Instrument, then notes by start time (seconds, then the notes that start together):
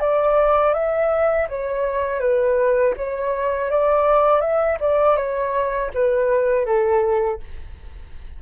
flute
0.00 D5
0.74 E5
1.49 C#5
2.20 B4
2.97 C#5
3.70 D5
4.41 E5
4.80 D5
5.16 C#5
5.94 B4
6.66 A4